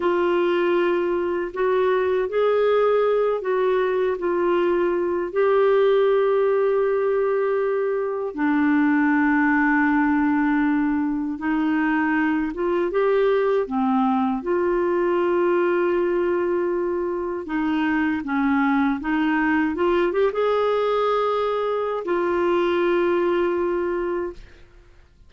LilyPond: \new Staff \with { instrumentName = "clarinet" } { \time 4/4 \tempo 4 = 79 f'2 fis'4 gis'4~ | gis'8 fis'4 f'4. g'4~ | g'2. d'4~ | d'2. dis'4~ |
dis'8 f'8 g'4 c'4 f'4~ | f'2. dis'4 | cis'4 dis'4 f'8 g'16 gis'4~ gis'16~ | gis'4 f'2. | }